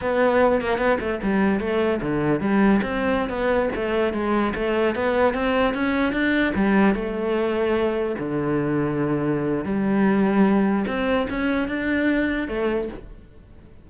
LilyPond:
\new Staff \with { instrumentName = "cello" } { \time 4/4 \tempo 4 = 149 b4. ais8 b8 a8 g4 | a4 d4 g4 c'4~ | c'16 b4 a4 gis4 a8.~ | a16 b4 c'4 cis'4 d'8.~ |
d'16 g4 a2~ a8.~ | a16 d2.~ d8. | g2. c'4 | cis'4 d'2 a4 | }